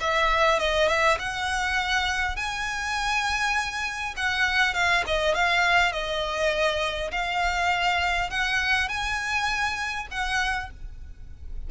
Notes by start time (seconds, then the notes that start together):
0.00 E5
0.59 D#5
0.88 E5
1.19 F#5
2.36 G#5
4.17 F#5
4.74 F5
5.07 D#5
5.34 F5
5.92 D#5
7.11 F5
8.30 F#5
8.88 G#5
10.11 F#5